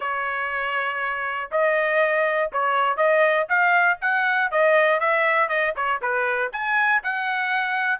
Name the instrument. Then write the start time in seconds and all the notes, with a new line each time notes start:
trumpet
0.00 C#5
1.51 D#5
2.52 C#5
2.97 D#5
3.48 F5
4.01 F#5
4.51 D#5
5.00 E5
5.48 D#5
5.76 C#5
6.01 B4
6.52 G#5
7.03 F#5